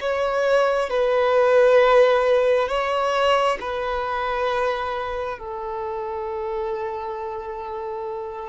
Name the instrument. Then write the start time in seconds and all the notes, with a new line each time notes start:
violin
0.00 C#5
0.89 B4
2.68 C#5
3.60 B4
5.38 A4